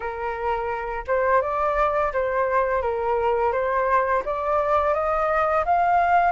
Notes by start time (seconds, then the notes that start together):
0.00 A#4
1.07 C5
1.41 D5
2.12 C5
2.82 A#4
3.52 C5
4.25 D5
4.93 D#5
5.65 F5